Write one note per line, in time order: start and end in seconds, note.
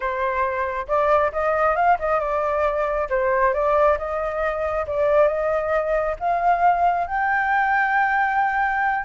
0.00 0.86 C5
0.87 1.31 D5
1.32 1.75 D#5
1.75 1.97 F5
1.99 2.20 D#5
2.20 3.08 D5
3.09 3.53 C5
3.53 3.97 D5
3.97 4.86 D#5
4.86 5.27 D5
5.27 6.15 D#5
6.19 7.07 F5
7.07 9.04 G5